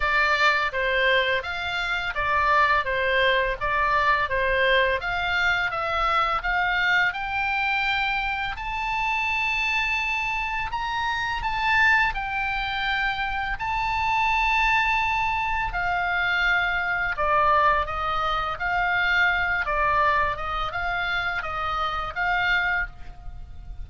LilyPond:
\new Staff \with { instrumentName = "oboe" } { \time 4/4 \tempo 4 = 84 d''4 c''4 f''4 d''4 | c''4 d''4 c''4 f''4 | e''4 f''4 g''2 | a''2. ais''4 |
a''4 g''2 a''4~ | a''2 f''2 | d''4 dis''4 f''4. d''8~ | d''8 dis''8 f''4 dis''4 f''4 | }